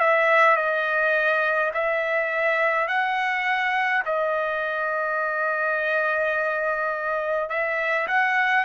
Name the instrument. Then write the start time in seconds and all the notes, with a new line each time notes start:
trumpet
0.00 E5
0.56 D#5
1.74 E5
2.87 F#5
4.05 D#5
7.49 E5
8.07 F#5